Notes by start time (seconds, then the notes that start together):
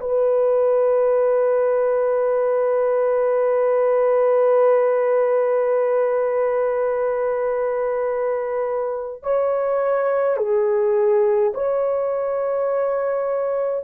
0.00 B4
9.23 C#5
10.37 G#4
11.54 C#5